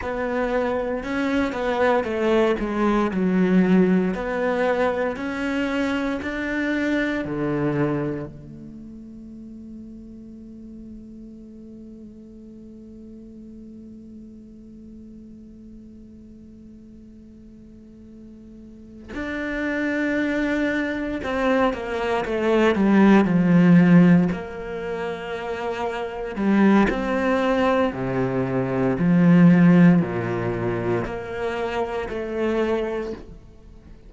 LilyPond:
\new Staff \with { instrumentName = "cello" } { \time 4/4 \tempo 4 = 58 b4 cis'8 b8 a8 gis8 fis4 | b4 cis'4 d'4 d4 | a1~ | a1~ |
a2~ a8 d'4.~ | d'8 c'8 ais8 a8 g8 f4 ais8~ | ais4. g8 c'4 c4 | f4 ais,4 ais4 a4 | }